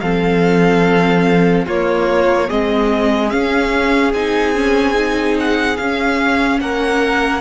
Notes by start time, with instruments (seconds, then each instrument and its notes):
0.00 cello F3, viola C4, violin A4 F5
1.66 cello A#3, viola A#3, violin F4 C#5
2.47 cello G#3, viola C4, violin G#4 D#5
3.30 viola C#4, cello C#4, violin F5
4.13 cello C4, viola D#4, violin G#5
4.54 viola C#4
4.94 viola D#4
5.40 violin F#5
5.77 cello C#4, viola C#4, violin F5
6.60 cello A#3, violin A#4 F#5